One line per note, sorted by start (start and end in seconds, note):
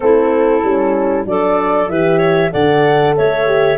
0.00 0.63 A3
0.00 0.63 C4
0.00 1.29 E4
0.00 1.25 A4
0.63 1.25 G3
0.63 1.25 C#4
1.25 1.88 F#3
1.25 1.88 D4
1.25 1.91 A4
1.25 1.88 D5
1.88 2.51 E3
1.88 2.51 G4
1.88 2.18 B4
1.88 2.52 E5
2.18 2.49 C#5
2.51 3.17 D3
2.51 3.46 A4
2.51 3.16 D5
2.51 3.15 F#5
3.16 3.78 A3
3.16 3.78 C#5
3.16 3.78 E5
3.46 3.77 G4